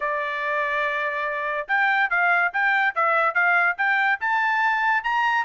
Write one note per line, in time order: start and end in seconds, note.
0.00 1.67 D5
1.68 2.09 G5
2.09 2.51 F5
2.53 2.95 G5
2.95 3.34 E5
3.34 3.76 F5
3.77 4.19 G5
4.20 5.03 A5
5.03 5.44 A#5